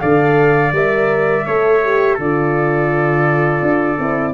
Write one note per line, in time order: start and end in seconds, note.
0.00 0.72 D3
0.00 0.72 A4
0.00 1.46 D5
0.00 0.72 F5
0.72 1.44 G3
0.72 1.46 A#4
0.72 2.19 E5
1.46 2.18 A3
1.46 1.83 A4
1.46 2.15 C#5
1.83 2.20 G4
2.15 3.62 D3
2.15 3.99 F4
2.15 4.31 A4
2.15 4.34 D5
3.62 3.98 D4
3.99 4.34 C4
3.99 4.34 E4